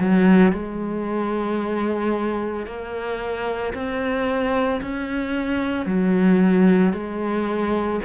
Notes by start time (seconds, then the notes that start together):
0.00 F#3
0.52 G#3
2.66 A#3
3.74 C4
4.81 C#4
5.85 F#3
6.93 G#3